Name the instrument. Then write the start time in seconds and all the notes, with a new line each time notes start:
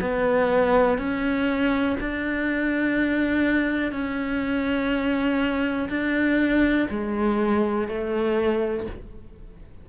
cello
0.00 B3
0.98 C#4
2.00 D4
3.92 C#4
5.89 D4
6.89 G#3
7.88 A3